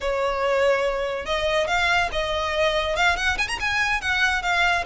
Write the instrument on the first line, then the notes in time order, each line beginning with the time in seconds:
violin
0.00 C#5
1.25 D#5
1.67 F5
2.12 D#5
2.96 F5
3.16 F#5
3.38 G#5
3.48 A#5
3.59 G#5
4.01 F#5
4.42 F5